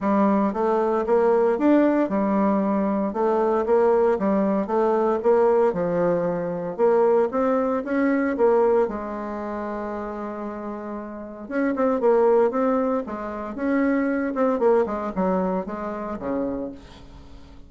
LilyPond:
\new Staff \with { instrumentName = "bassoon" } { \time 4/4 \tempo 4 = 115 g4 a4 ais4 d'4 | g2 a4 ais4 | g4 a4 ais4 f4~ | f4 ais4 c'4 cis'4 |
ais4 gis2.~ | gis2 cis'8 c'8 ais4 | c'4 gis4 cis'4. c'8 | ais8 gis8 fis4 gis4 cis4 | }